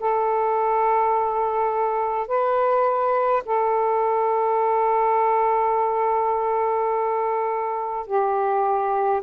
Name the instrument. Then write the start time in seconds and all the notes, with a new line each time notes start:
saxophone
0.00 A4
2.28 B4
3.45 A4
8.07 G4